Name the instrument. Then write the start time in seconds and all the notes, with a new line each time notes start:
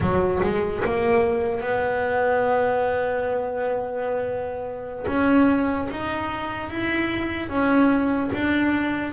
double bass
0.00 F#3
0.43 G#3
0.84 A#3
1.60 B3
5.07 C#4
5.90 D#4
6.69 E4
7.49 C#4
8.33 D4